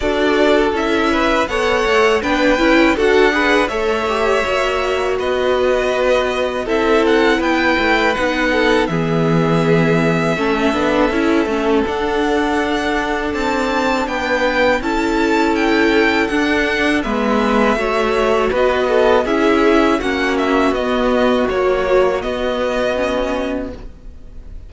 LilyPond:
<<
  \new Staff \with { instrumentName = "violin" } { \time 4/4 \tempo 4 = 81 d''4 e''4 fis''4 g''4 | fis''4 e''2 dis''4~ | dis''4 e''8 fis''8 g''4 fis''4 | e''1 |
fis''2 a''4 g''4 | a''4 g''4 fis''4 e''4~ | e''4 dis''4 e''4 fis''8 e''8 | dis''4 cis''4 dis''2 | }
  \new Staff \with { instrumentName = "violin" } { \time 4/4 a'4. b'8 cis''4 b'4 | a'8 b'8 cis''2 b'4~ | b'4 a'4 b'4. a'8 | gis'2 a'2~ |
a'2. b'4 | a'2. b'4 | cis''4 b'8 a'8 gis'4 fis'4~ | fis'1 | }
  \new Staff \with { instrumentName = "viola" } { \time 4/4 fis'4 e'4 a'4 d'8 e'8 | fis'8 gis'8 a'8 g'8 fis'2~ | fis'4 e'2 dis'4 | b2 cis'8 d'8 e'8 cis'8 |
d'1 | e'2 d'4 b4 | fis'2 e'4 cis'4 | b4 fis4 b4 cis'4 | }
  \new Staff \with { instrumentName = "cello" } { \time 4/4 d'4 cis'4 b8 a8 b8 cis'8 | d'4 a4 ais4 b4~ | b4 c'4 b8 a8 b4 | e2 a8 b8 cis'8 a8 |
d'2 c'4 b4 | cis'2 d'4 gis4 | a4 b4 cis'4 ais4 | b4 ais4 b2 | }
>>